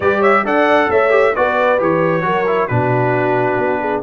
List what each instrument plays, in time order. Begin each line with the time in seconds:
0.00 tuba G3, trombone G4, horn B4, trumpet D5
0.19 horn C#5, trumpet E5
0.44 tuba D4, trombone A4, horn D5, trumpet F#5
0.89 tuba A3, horn C#5, trumpet E5
1.10 trombone G4
1.35 tuba B3, trombone F#4, horn B4, trumpet D5
1.78 tuba E3, trombone G4, trumpet C#5
2.22 tuba F#3, trombone F#4, horn A#4
2.46 trombone E4
2.67 tuba B2, trombone D4, horn F#4, trumpet B4
3.57 tuba B3
3.80 horn G#4